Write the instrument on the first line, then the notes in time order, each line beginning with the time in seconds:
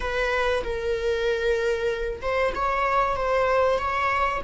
viola
0.00 B4
0.63 A#4
2.21 C5
2.54 C#5
3.16 C5
3.78 C#5